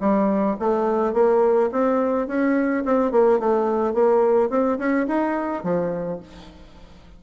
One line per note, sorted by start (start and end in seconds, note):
0.00 0.57 G3
0.59 1.13 A3
1.13 1.70 A#3
1.72 2.27 C4
2.27 2.84 C#4
2.85 3.11 C4
3.11 3.39 A#3
3.39 3.94 A3
3.94 4.50 A#3
4.50 4.78 C4
4.78 5.07 C#4
5.07 5.63 D#4
5.63 6.20 F3